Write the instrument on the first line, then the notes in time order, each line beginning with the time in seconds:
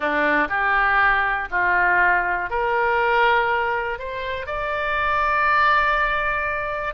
oboe
0.00 D4
0.49 G4
1.50 F4
2.50 A#4
3.98 C5
4.46 D5